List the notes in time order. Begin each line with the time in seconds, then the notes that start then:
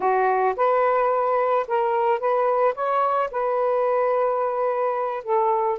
0.00 F#4
0.56 B4
1.67 A#4
2.19 B4
2.74 C#5
3.31 B4
5.23 A4